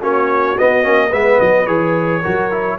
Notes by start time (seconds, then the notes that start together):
0.00 A#3 C#4 F#4 C#5
0.58 B3 D#5
0.82 A#3 C#4
1.09 G#3 B3 B4 E5
1.40 F#3 D#5
1.66 E3 G#4 C#5
2.21 F#3 F#4 A#4
2.51 E4